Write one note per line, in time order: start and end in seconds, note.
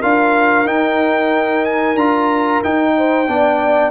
0.00 0.66 D4
0.00 0.66 F4
0.00 2.93 A#4
0.00 0.67 F5
0.66 1.95 D#4
0.66 1.97 D#4
0.66 1.65 G5
1.65 1.97 G#5
1.95 2.60 D4
1.95 2.64 F4
1.95 2.62 A#5
2.64 3.27 D#4
2.64 3.28 D#4
2.64 3.91 G5
2.98 3.29 C5
3.27 3.91 B3
3.27 3.91 D4
3.27 3.91 D5